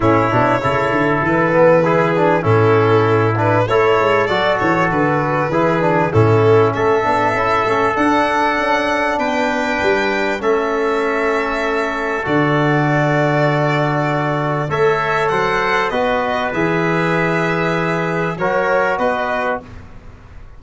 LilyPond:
<<
  \new Staff \with { instrumentName = "violin" } { \time 4/4 \tempo 4 = 98 cis''2 b'2 | a'4. b'8 cis''4 d''8 cis''8 | b'2 a'4 e''4~ | e''4 fis''2 g''4~ |
g''4 e''2. | d''1 | e''4 fis''4 dis''4 e''4~ | e''2 cis''4 dis''4 | }
  \new Staff \with { instrumentName = "trumpet" } { \time 4/4 e'4 a'2 gis'4 | e'2 a'2~ | a'4 gis'4 e'4 a'4~ | a'2. b'4~ |
b'4 a'2.~ | a'1 | cis''4 c''4 b'2~ | b'2 ais'4 b'4 | }
  \new Staff \with { instrumentName = "trombone" } { \time 4/4 cis'8 d'8 e'4. b8 e'8 d'8 | cis'4. d'8 e'4 fis'4~ | fis'4 e'8 d'8 cis'4. d'8 | e'8 cis'8 d'2.~ |
d'4 cis'2. | fis'1 | a'2 fis'4 gis'4~ | gis'2 fis'2 | }
  \new Staff \with { instrumentName = "tuba" } { \time 4/4 a,8 b,8 cis8 d8 e2 | a,2 a8 gis8 fis8 e8 | d4 e4 a,4 a8 b8 | cis'8 a8 d'4 cis'4 b4 |
g4 a2. | d1 | a4 fis4 b4 e4~ | e2 fis4 b4 | }
>>